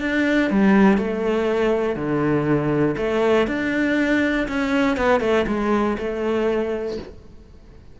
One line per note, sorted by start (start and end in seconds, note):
0.00 0.50 D4
0.50 0.97 G3
0.97 1.96 A3
1.96 2.96 D3
2.97 3.47 A3
3.47 4.47 D4
4.48 4.97 C#4
4.97 5.20 B3
5.20 5.45 A3
5.47 5.97 G#3
5.98 6.98 A3